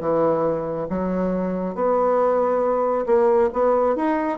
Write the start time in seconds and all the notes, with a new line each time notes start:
0.00 E3
0.89 F#3
1.75 B3
3.06 A#3
3.53 B3
3.95 D#4